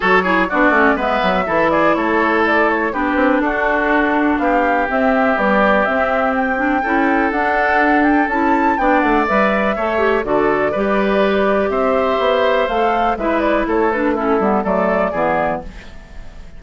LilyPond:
<<
  \new Staff \with { instrumentName = "flute" } { \time 4/4 \tempo 4 = 123 cis''4 d''4 e''4. d''8 | cis''4 d''8 cis''8 b'4 a'4~ | a'4 f''4 e''4 d''4 | e''4 g''2 fis''4~ |
fis''8 g''8 a''4 g''8 fis''8 e''4~ | e''4 d''2. | e''2 f''4 e''8 d''8 | cis''8 b'8 a'4 d''2 | }
  \new Staff \with { instrumentName = "oboe" } { \time 4/4 a'8 gis'8 fis'4 b'4 a'8 gis'8 | a'2 g'4 fis'4~ | fis'4 g'2.~ | g'2 a'2~ |
a'2 d''2 | cis''4 a'4 b'2 | c''2. b'4 | a'4 e'4 a'4 gis'4 | }
  \new Staff \with { instrumentName = "clarinet" } { \time 4/4 fis'8 e'8 d'8 cis'8 b4 e'4~ | e'2 d'2~ | d'2 c'4 g4 | c'4. d'8 e'4 d'4~ |
d'4 e'4 d'4 b'4 | a'8 g'8 fis'4 g'2~ | g'2 a'4 e'4~ | e'8 d'8 cis'8 b8 a4 b4 | }
  \new Staff \with { instrumentName = "bassoon" } { \time 4/4 fis4 b8 a8 gis8 fis8 e4 | a2 b8 c'8 d'4~ | d'4 b4 c'4 b4 | c'2 cis'4 d'4~ |
d'4 cis'4 b8 a8 g4 | a4 d4 g2 | c'4 b4 a4 gis4 | a4. g8 fis4 e4 | }
>>